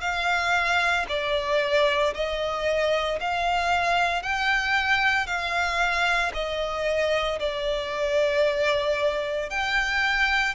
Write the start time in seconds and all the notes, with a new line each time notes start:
0.00 F5
1.08 D5
2.14 D#5
3.20 F5
4.22 G5
5.26 F5
6.33 D#5
7.39 D5
9.49 G5